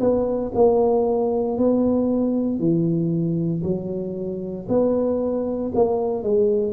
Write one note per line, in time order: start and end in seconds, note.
0.00 0.52 B3
0.55 1.58 A#3
1.58 2.59 B3
2.59 3.63 E3
3.63 4.67 F#3
4.68 5.72 B3
5.75 6.23 A#3
6.23 6.73 G#3